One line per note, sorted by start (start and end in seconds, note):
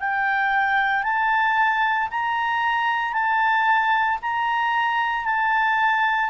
0.00 1.03 G5
1.03 2.08 A5
2.11 3.13 A#5
3.13 4.18 A5
4.22 5.25 A#5
5.25 6.30 A5